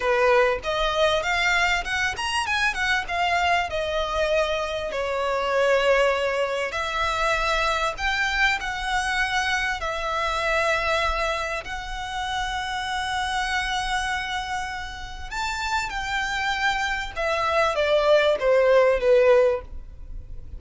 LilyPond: \new Staff \with { instrumentName = "violin" } { \time 4/4 \tempo 4 = 98 b'4 dis''4 f''4 fis''8 ais''8 | gis''8 fis''8 f''4 dis''2 | cis''2. e''4~ | e''4 g''4 fis''2 |
e''2. fis''4~ | fis''1~ | fis''4 a''4 g''2 | e''4 d''4 c''4 b'4 | }